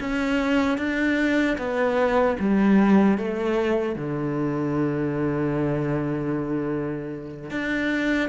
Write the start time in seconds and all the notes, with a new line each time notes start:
0.00 C#4
0.78 D4
1.58 B3
2.39 G3
3.18 A3
3.95 D3
7.50 D4